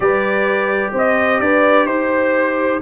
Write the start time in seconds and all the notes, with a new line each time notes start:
0.00 G3 G4 B4 D5
0.92 C4 C5 D#5
1.39 D4 B4 D5
1.86 D#4 C5